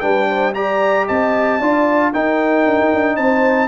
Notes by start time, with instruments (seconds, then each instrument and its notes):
0.00 tuba G3, trombone D4, horn B4, trumpet G5
0.28 horn C5
0.54 trombone G4, horn D5, trumpet A#5
1.06 tuba C4, horn D#5, trumpet A5
1.59 tuba D4, trombone F4, horn D5
2.12 trombone D#4, tuba D#4, horn A#4, trumpet G5
2.65 tuba D4
2.79 tuba D#4
2.93 tuba D4
3.16 tuba C4, horn C5, trumpet A5